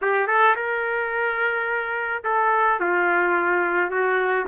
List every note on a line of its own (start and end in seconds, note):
0.01 0.27 G4
0.27 0.55 A4
0.55 2.23 A#4
2.24 2.80 A4
2.80 3.90 F4
3.90 4.46 F#4